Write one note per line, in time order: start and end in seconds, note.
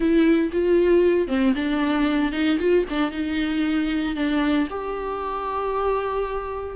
0.00 0.51 E4
0.52 1.27 F4
1.27 1.53 C4
1.55 2.32 D4
2.32 2.58 D#4
2.58 2.84 F4
2.89 3.11 D4
3.11 4.15 D#4
4.15 4.67 D4
4.70 6.76 G4